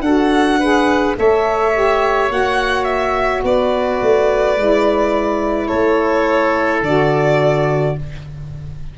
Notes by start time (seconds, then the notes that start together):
0.00 D4 F#4 A4 F#5
0.59 G#4 B4
1.16 A3 A4 C#5 E5
1.73 G4
2.29 A#3 F#4 F#5
2.84 E5
3.43 B3 B4 D5
4.02 A3
4.57 G#3 E4
5.67 A3 A4 C#5
6.82 D3 F#4 D5